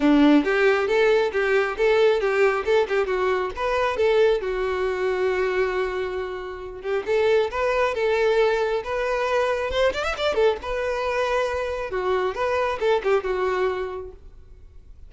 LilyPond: \new Staff \with { instrumentName = "violin" } { \time 4/4 \tempo 4 = 136 d'4 g'4 a'4 g'4 | a'4 g'4 a'8 g'8 fis'4 | b'4 a'4 fis'2~ | fis'2.~ fis'8 g'8 |
a'4 b'4 a'2 | b'2 c''8 d''16 e''16 d''8 a'8 | b'2. fis'4 | b'4 a'8 g'8 fis'2 | }